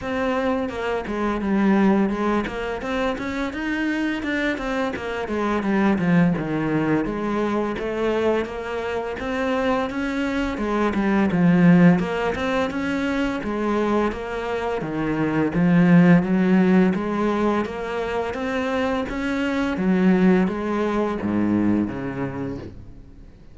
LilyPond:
\new Staff \with { instrumentName = "cello" } { \time 4/4 \tempo 4 = 85 c'4 ais8 gis8 g4 gis8 ais8 | c'8 cis'8 dis'4 d'8 c'8 ais8 gis8 | g8 f8 dis4 gis4 a4 | ais4 c'4 cis'4 gis8 g8 |
f4 ais8 c'8 cis'4 gis4 | ais4 dis4 f4 fis4 | gis4 ais4 c'4 cis'4 | fis4 gis4 gis,4 cis4 | }